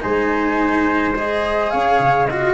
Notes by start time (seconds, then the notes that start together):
0.00 G#3 D#4 C5 G#5
1.14 G#4 D#5
1.70 C#4 C#5 F5
1.99 C#3
2.26 F4 F#4 D#5